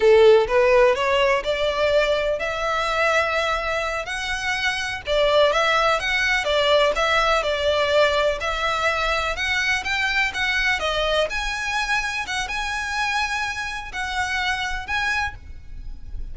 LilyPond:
\new Staff \with { instrumentName = "violin" } { \time 4/4 \tempo 4 = 125 a'4 b'4 cis''4 d''4~ | d''4 e''2.~ | e''8 fis''2 d''4 e''8~ | e''8 fis''4 d''4 e''4 d''8~ |
d''4. e''2 fis''8~ | fis''8 g''4 fis''4 dis''4 gis''8~ | gis''4. fis''8 gis''2~ | gis''4 fis''2 gis''4 | }